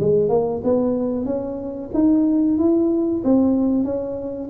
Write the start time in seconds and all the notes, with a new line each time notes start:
0.00 G#3
0.29 A#3
0.64 B3
1.26 C#4
1.94 D#4
2.58 E4
3.24 C4
3.84 C#4